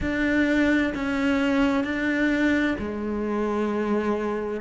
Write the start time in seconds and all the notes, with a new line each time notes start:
0.00 D4
0.94 C#4
1.84 D4
2.78 G#3